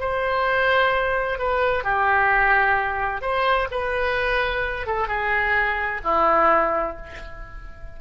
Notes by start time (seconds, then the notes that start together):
0.00 C5
1.39 B4
1.84 G4
3.22 C5
3.71 B4
4.87 A4
5.08 G#4
6.04 E4